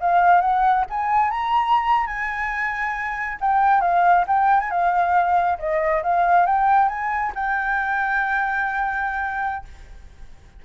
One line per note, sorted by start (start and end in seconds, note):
0.00 0.41 F5
0.41 0.85 F#5
0.90 1.30 G#5
1.30 2.06 A#5
2.06 3.38 G#5
3.40 3.81 G5
3.81 4.25 F5
4.27 4.60 G5
4.60 4.71 G#5
4.71 5.58 F5
5.59 6.02 D#5
6.03 6.46 F5
6.46 6.89 G5
6.89 7.32 G#5
7.35 9.65 G5